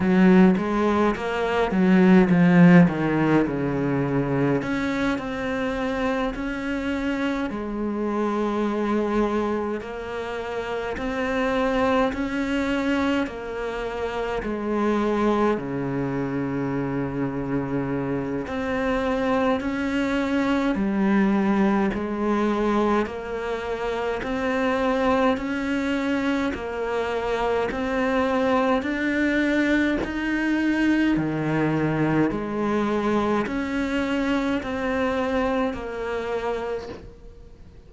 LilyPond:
\new Staff \with { instrumentName = "cello" } { \time 4/4 \tempo 4 = 52 fis8 gis8 ais8 fis8 f8 dis8 cis4 | cis'8 c'4 cis'4 gis4.~ | gis8 ais4 c'4 cis'4 ais8~ | ais8 gis4 cis2~ cis8 |
c'4 cis'4 g4 gis4 | ais4 c'4 cis'4 ais4 | c'4 d'4 dis'4 dis4 | gis4 cis'4 c'4 ais4 | }